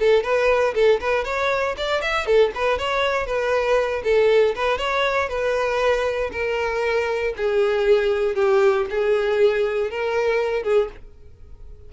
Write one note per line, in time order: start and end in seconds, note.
0.00 0.23 A4
0.23 0.74 B4
0.75 1.00 A4
1.01 1.25 B4
1.25 1.76 C#5
1.78 2.02 D5
2.02 2.26 E5
2.26 2.51 A4
2.55 2.79 B4
2.79 3.27 C#5
3.27 4.03 B4
4.04 4.55 A4
4.56 4.78 B4
4.78 5.29 C#5
5.29 6.31 B4
6.33 7.34 A#4
7.37 8.36 G#4
8.36 8.86 G4
8.90 9.91 G#4
9.91 10.64 A#4
10.64 10.89 G#4